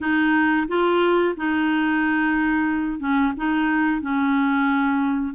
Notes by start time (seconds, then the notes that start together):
0.00 D#4
0.68 F4
1.36 D#4
2.99 C#4
3.36 D#4
4.01 C#4